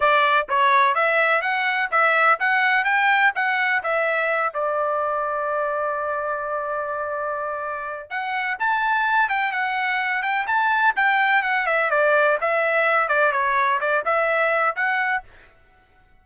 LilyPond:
\new Staff \with { instrumentName = "trumpet" } { \time 4/4 \tempo 4 = 126 d''4 cis''4 e''4 fis''4 | e''4 fis''4 g''4 fis''4 | e''4. d''2~ d''8~ | d''1~ |
d''4 fis''4 a''4. g''8 | fis''4. g''8 a''4 g''4 | fis''8 e''8 d''4 e''4. d''8 | cis''4 d''8 e''4. fis''4 | }